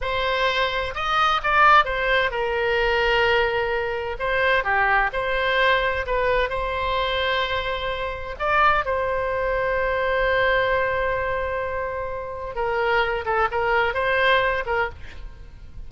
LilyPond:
\new Staff \with { instrumentName = "oboe" } { \time 4/4 \tempo 4 = 129 c''2 dis''4 d''4 | c''4 ais'2.~ | ais'4 c''4 g'4 c''4~ | c''4 b'4 c''2~ |
c''2 d''4 c''4~ | c''1~ | c''2. ais'4~ | ais'8 a'8 ais'4 c''4. ais'8 | }